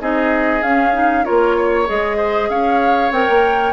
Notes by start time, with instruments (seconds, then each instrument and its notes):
0.00 bassoon C4, clarinet D#4, oboe G#4, flute D#5
0.62 bassoon C#4, clarinet C#4, flute F5
0.93 clarinet D#4
1.24 bassoon A#3, clarinet F4, oboe A#4, flute C#5
1.56 oboe C#5
1.86 bassoon G#3, clarinet G#4, flute D#5
2.17 oboe C5
2.49 bassoon C#4, oboe C#5, flute F5
3.11 bassoon C4, clarinet A#4, flute G5
3.29 bassoon A#3